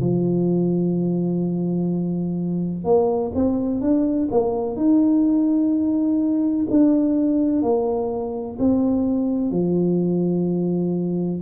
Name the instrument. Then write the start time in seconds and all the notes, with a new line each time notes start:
tuba
0.00 F3
2.84 A#3
3.34 C4
3.81 D4
4.31 A#3
4.76 D#4
6.70 D4
7.62 A#3
8.59 C4
9.51 F3